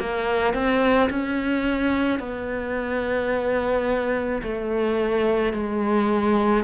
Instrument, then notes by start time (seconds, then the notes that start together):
cello
0.00 A#3
0.55 C4
1.10 C#4
2.20 B3
4.43 A3
5.54 G#3